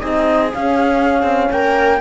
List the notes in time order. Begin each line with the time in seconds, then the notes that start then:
0.00 C4 D#4 G#4 D#5
0.52 C#4 F5
1.23 C4
1.51 A#3 A#4 G5